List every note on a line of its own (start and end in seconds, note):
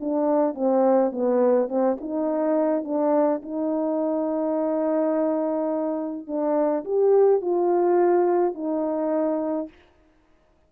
0.00 0.54 D4
0.54 1.11 C4
1.11 1.68 B3
1.68 1.97 C4
2.00 2.84 D#4
2.84 3.41 D4
3.42 6.26 D#4
6.26 6.84 D4
6.84 7.41 G4
7.41 8.54 F4
8.54 9.68 D#4